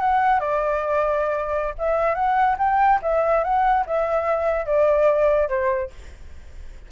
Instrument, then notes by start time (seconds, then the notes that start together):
flute
0.00 F#5
0.40 D5
1.78 E5
2.15 F#5
2.58 G5
3.02 E5
3.44 F#5
3.86 E5
4.66 D5
5.49 C5